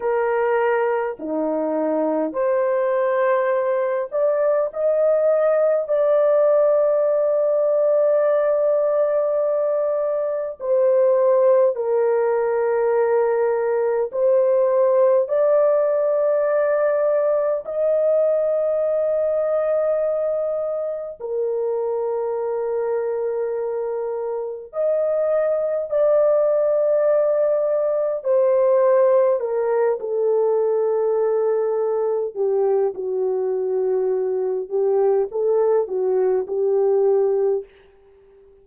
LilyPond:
\new Staff \with { instrumentName = "horn" } { \time 4/4 \tempo 4 = 51 ais'4 dis'4 c''4. d''8 | dis''4 d''2.~ | d''4 c''4 ais'2 | c''4 d''2 dis''4~ |
dis''2 ais'2~ | ais'4 dis''4 d''2 | c''4 ais'8 a'2 g'8 | fis'4. g'8 a'8 fis'8 g'4 | }